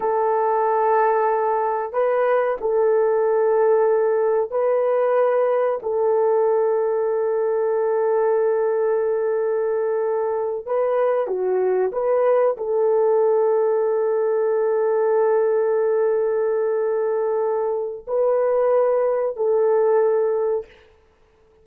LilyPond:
\new Staff \with { instrumentName = "horn" } { \time 4/4 \tempo 4 = 93 a'2. b'4 | a'2. b'4~ | b'4 a'2.~ | a'1~ |
a'8 b'4 fis'4 b'4 a'8~ | a'1~ | a'1 | b'2 a'2 | }